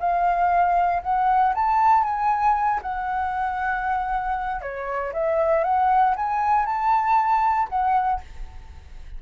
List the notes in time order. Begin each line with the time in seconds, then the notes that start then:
0.00 F5
1.03 F#5
1.55 A5
2.04 G#5
2.83 F#5
4.62 C#5
5.13 E5
5.64 F#5
6.17 G#5
6.66 A5
7.69 F#5